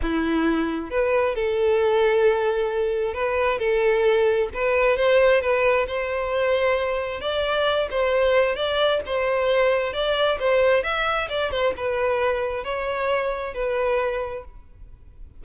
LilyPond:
\new Staff \with { instrumentName = "violin" } { \time 4/4 \tempo 4 = 133 e'2 b'4 a'4~ | a'2. b'4 | a'2 b'4 c''4 | b'4 c''2. |
d''4. c''4. d''4 | c''2 d''4 c''4 | e''4 d''8 c''8 b'2 | cis''2 b'2 | }